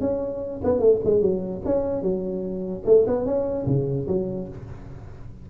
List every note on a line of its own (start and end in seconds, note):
0.00 0.61 C#4
0.64 0.79 B3
0.79 0.99 A3
1.04 1.21 G#3
1.21 1.62 F#3
1.65 2.02 C#4
2.02 2.83 F#3
2.85 3.06 A3
3.07 3.25 B3
3.25 3.66 C#4
3.66 4.07 C#3
4.07 4.48 F#3